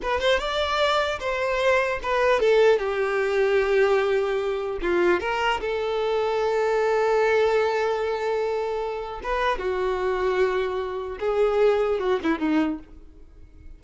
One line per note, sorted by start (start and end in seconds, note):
0.02 0.20 B4
0.20 0.39 C5
0.39 1.19 D5
1.19 1.99 C5
2.03 2.40 B4
2.40 2.79 A4
2.79 4.79 G4
4.81 5.20 F4
5.20 5.60 A#4
5.60 9.20 A4
9.23 9.58 B4
9.58 11.18 F#4
11.19 11.99 G#4
11.99 12.19 F#4
12.23 12.39 E4
12.39 12.79 D#4